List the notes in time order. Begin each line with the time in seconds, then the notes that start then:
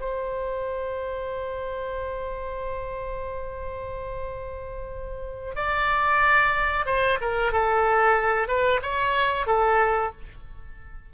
0.00 C5
5.56 D5
6.86 C5
7.21 A#4
7.52 A4
8.48 B4
8.82 C#5
9.47 A4